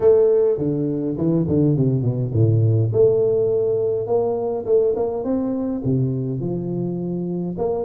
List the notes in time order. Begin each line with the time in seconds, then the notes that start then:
0.00 A3
0.58 D3
1.17 E3
1.47 D3
1.76 C3
2.02 B2
2.33 A2
2.92 A3
4.06 A#3
4.65 A3
4.96 A#3
5.23 C4
5.84 C3
6.40 F3
7.58 A#3